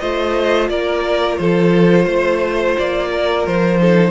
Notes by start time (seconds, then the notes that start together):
0.00 A3 F4 C5 D#5
0.69 A#3 A#4 D5
1.37 F3 A4 C5
2.05 A3 C5
2.78 A#3 D5
3.12 A#4
3.46 F3 C5
3.79 D#4 A4